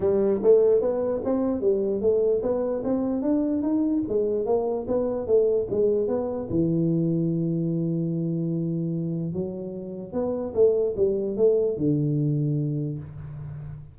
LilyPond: \new Staff \with { instrumentName = "tuba" } { \time 4/4 \tempo 4 = 148 g4 a4 b4 c'4 | g4 a4 b4 c'4 | d'4 dis'4 gis4 ais4 | b4 a4 gis4 b4 |
e1~ | e2. fis4~ | fis4 b4 a4 g4 | a4 d2. | }